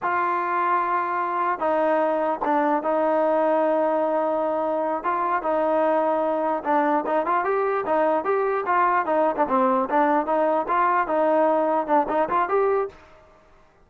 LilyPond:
\new Staff \with { instrumentName = "trombone" } { \time 4/4 \tempo 4 = 149 f'1 | dis'2 d'4 dis'4~ | dis'1~ | dis'8 f'4 dis'2~ dis'8~ |
dis'8 d'4 dis'8 f'8 g'4 dis'8~ | dis'8 g'4 f'4 dis'8. d'16 c'8~ | c'8 d'4 dis'4 f'4 dis'8~ | dis'4. d'8 dis'8 f'8 g'4 | }